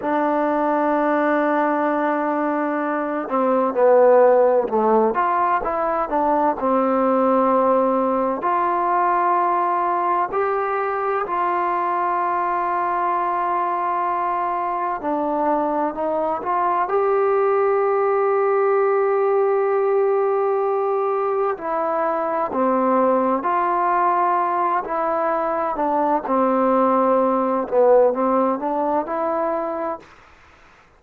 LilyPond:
\new Staff \with { instrumentName = "trombone" } { \time 4/4 \tempo 4 = 64 d'2.~ d'8 c'8 | b4 a8 f'8 e'8 d'8 c'4~ | c'4 f'2 g'4 | f'1 |
d'4 dis'8 f'8 g'2~ | g'2. e'4 | c'4 f'4. e'4 d'8 | c'4. b8 c'8 d'8 e'4 | }